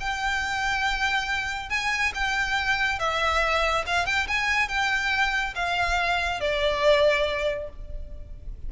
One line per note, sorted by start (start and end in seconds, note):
0.00 1.69 G5
1.69 2.12 G#5
2.14 2.99 G5
2.99 3.85 E5
3.86 4.06 F5
4.06 4.27 G5
4.28 4.68 G#5
4.68 5.54 G5
5.55 6.40 F5
6.40 7.69 D5